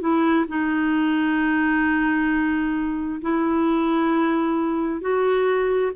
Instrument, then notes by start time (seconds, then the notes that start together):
clarinet
0.00 E4
0.48 D#4
3.21 E4
5.01 F#4